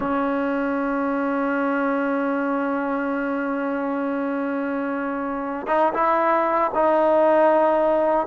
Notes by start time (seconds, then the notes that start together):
0.00 C#4
5.67 D#4
5.93 E4
6.74 D#4